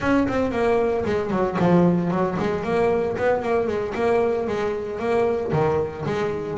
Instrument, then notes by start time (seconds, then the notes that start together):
double bass
0.00 C#4
0.28 C4
0.51 A#3
1.05 G#3
1.30 F#3
1.59 F3
2.10 F#3
2.39 G#3
2.63 A#3
3.17 B3
3.42 A#3
3.67 G#3
3.94 A#3
4.47 G#3
4.99 A#3
5.52 D#3
6.05 G#3